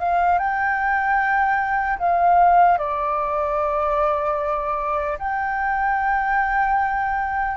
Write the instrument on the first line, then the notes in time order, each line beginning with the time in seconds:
flute
0.00 F5
0.39 G5
1.99 F5
2.78 D5
5.19 G5